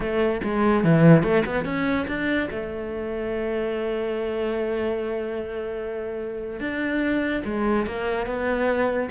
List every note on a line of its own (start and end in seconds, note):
0.00 0.41 A3
0.43 0.84 G#3
0.84 1.23 E3
1.23 1.43 A3
1.45 1.65 B3
1.65 2.06 C#4
2.07 2.49 D4
2.50 6.60 A3
6.60 7.42 D4
7.44 7.86 G#3
7.86 8.26 A#3
8.26 9.09 B3